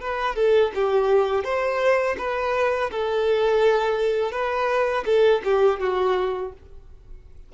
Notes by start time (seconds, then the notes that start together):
0.00 B4
0.35 A4
0.75 G4
1.43 C5
2.18 B4
2.91 A4
4.31 B4
5.05 A4
5.44 G4
5.80 F#4